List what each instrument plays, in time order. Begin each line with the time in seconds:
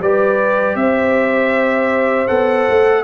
0.00 tuba G3, trombone G4, horn B4, trumpet D5
0.75 tuba C4, horn C5, trumpet E5
2.28 tuba B3, trombone A4, trumpet F#5
2.70 tuba A3